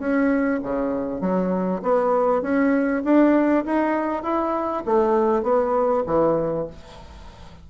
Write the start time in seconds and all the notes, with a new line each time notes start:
0.00 C#4
0.63 C#3
1.21 F#3
1.83 B3
2.42 C#4
3.05 D4
3.66 D#4
4.23 E4
4.86 A3
5.44 B3
6.07 E3